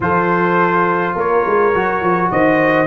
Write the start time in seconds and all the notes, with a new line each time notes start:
0.00 F3 F4 A4 C5
1.15 A#3 A#4 C#5
1.46 G#3
1.73 F#3 F#4
2.01 F3
2.30 D#3 C5 D#5